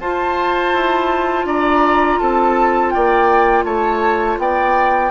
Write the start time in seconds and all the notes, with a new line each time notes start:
0.00 F4 C5 A5
0.74 E4
1.45 D4 D5 A#5
2.20 C4 A4 A5
2.91 A#3 D5 G5
3.64 A3 C#5 A5
4.38 B3 D5 G5